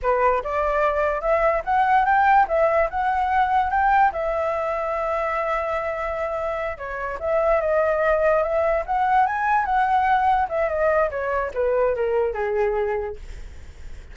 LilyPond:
\new Staff \with { instrumentName = "flute" } { \time 4/4 \tempo 4 = 146 b'4 d''2 e''4 | fis''4 g''4 e''4 fis''4~ | fis''4 g''4 e''2~ | e''1~ |
e''8 cis''4 e''4 dis''4.~ | dis''8 e''4 fis''4 gis''4 fis''8~ | fis''4. e''8 dis''4 cis''4 | b'4 ais'4 gis'2 | }